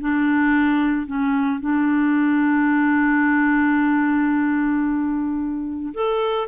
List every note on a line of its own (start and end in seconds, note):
0.00 1.06 D4
1.06 1.60 C#4
1.60 5.93 D4
5.94 6.48 A4